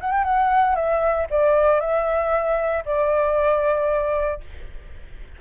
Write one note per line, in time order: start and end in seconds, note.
0.00 0.12 F#5
0.12 0.24 G5
0.24 0.75 F#5
0.75 1.27 E5
1.30 1.80 D5
1.80 2.84 E5
2.85 4.40 D5